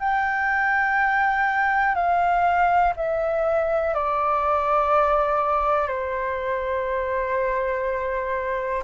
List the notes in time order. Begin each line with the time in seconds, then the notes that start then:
0.00 G5
1.95 F5
2.96 E5
3.94 D5
5.88 C5